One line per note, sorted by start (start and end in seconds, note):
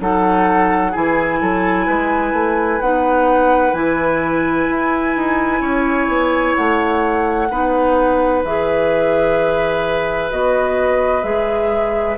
0.00 0.94 F#3
0.00 0.93 D#4
0.00 0.91 A4
0.00 0.95 F#5
0.91 1.41 E3
0.91 2.80 E4
0.91 1.38 G#4
0.91 2.81 G#5
1.41 1.88 F#3
1.41 1.86 A4
1.86 2.33 G#3
1.86 5.61 B4
2.33 2.80 A3
2.81 3.73 B3
2.81 3.74 D#4
2.81 3.74 F#5
3.73 4.67 E3
3.73 7.49 E4
3.73 6.55 G#5
4.69 5.16 E4
5.16 5.61 D#4
5.61 6.08 C#4
5.61 7.48 C#5
6.08 6.55 B3
6.55 7.50 A3
6.55 8.43 F#5
7.50 8.44 B3
7.50 8.44 D#4
7.50 12.18 B4
8.44 10.31 E3
8.44 10.30 G#4
8.44 10.31 E5
10.30 11.23 B3
10.30 11.23 F#4
10.30 11.23 D#5
11.23 12.17 G#3
11.23 12.17 G#4
11.23 12.17 E5